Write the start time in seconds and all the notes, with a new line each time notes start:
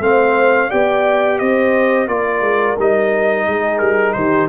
0.00 A3 C4 C5 F5
0.69 B3 G4 D5 G5
1.39 C4 C5 D#5
2.07 A#3 F4 A#4 D5
2.41 G#3
2.79 G3 D#4 D#5
3.47 G#3 G#4
3.78 G3 A#4
4.13 D#3 G4 C5